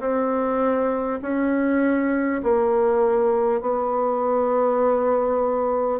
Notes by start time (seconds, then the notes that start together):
0.00 C4
1.22 C#4
2.43 A#3
3.61 B3